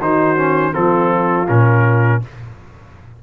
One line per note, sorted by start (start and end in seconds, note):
0.00 0.74 D#3
0.00 0.36 D#4
0.00 0.73 F#4
0.00 0.73 C5
0.36 0.72 C#4
0.72 1.49 F3
0.72 1.46 C4
0.72 2.21 F4
0.72 1.47 A4
1.47 2.23 A#2
1.47 2.21 C#4
1.47 2.22 A#4